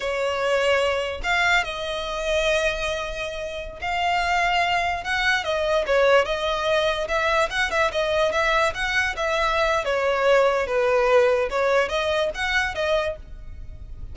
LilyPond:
\new Staff \with { instrumentName = "violin" } { \time 4/4 \tempo 4 = 146 cis''2. f''4 | dis''1~ | dis''4~ dis''16 f''2~ f''8.~ | f''16 fis''4 dis''4 cis''4 dis''8.~ |
dis''4~ dis''16 e''4 fis''8 e''8 dis''8.~ | dis''16 e''4 fis''4 e''4.~ e''16 | cis''2 b'2 | cis''4 dis''4 fis''4 dis''4 | }